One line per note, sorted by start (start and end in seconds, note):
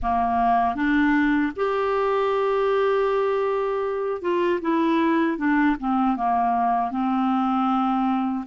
0.02 0.75 A#3
0.75 1.52 D4
1.56 4.21 G4
4.21 4.60 F4
4.61 5.37 E4
5.37 5.76 D4
5.79 6.16 C4
6.16 6.90 A#3
6.90 8.44 C4